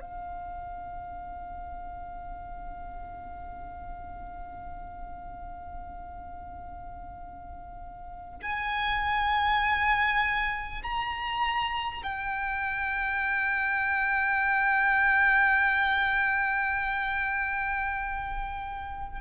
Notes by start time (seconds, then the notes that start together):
0.00 F5
8.42 G#5
10.83 A#5
12.03 G5